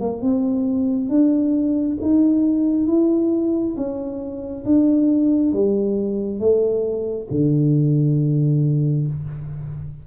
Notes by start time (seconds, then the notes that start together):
0.00 A#3
0.21 C4
1.09 D4
2.01 D#4
2.87 E4
3.76 C#4
4.65 D4
5.53 G3
6.39 A3
7.31 D3